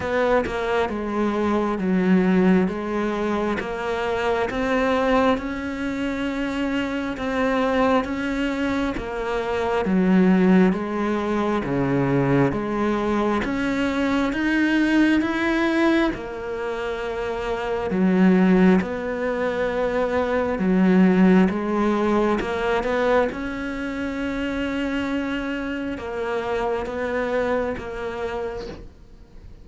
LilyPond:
\new Staff \with { instrumentName = "cello" } { \time 4/4 \tempo 4 = 67 b8 ais8 gis4 fis4 gis4 | ais4 c'4 cis'2 | c'4 cis'4 ais4 fis4 | gis4 cis4 gis4 cis'4 |
dis'4 e'4 ais2 | fis4 b2 fis4 | gis4 ais8 b8 cis'2~ | cis'4 ais4 b4 ais4 | }